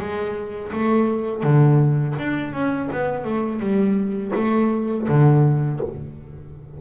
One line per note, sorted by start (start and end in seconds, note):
0.00 0.72 G#3
0.73 1.43 A3
1.43 2.16 D3
2.19 2.53 D4
2.53 2.89 C#4
2.92 3.25 B3
3.25 3.60 A3
3.60 4.32 G3
4.35 5.08 A3
5.08 5.81 D3